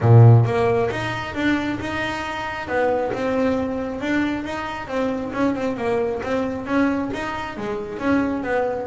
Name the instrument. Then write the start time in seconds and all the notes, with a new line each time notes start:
double bass
0.00 A#2
0.45 A#3
0.91 D#4
1.34 D4
1.80 D#4
2.67 B3
3.12 C4
4.00 D4
4.44 D#4
4.87 C4
5.33 C#4
5.55 C4
5.77 A#3
6.22 C4
6.66 C#4
7.13 D#4
7.57 G#3
7.99 C#4
8.43 B3